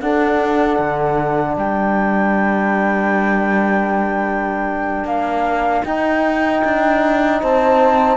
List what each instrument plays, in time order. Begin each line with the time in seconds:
0.00 cello D4, trombone D4, horn A4, flute F#5
0.79 cello D3
1.57 cello G3, horn A#4, flute G5
5.04 cello A#3, flute F5
5.85 cello D#4, trombone D#4, flute G5
6.64 cello D4
7.41 cello C4, horn C5, flute A5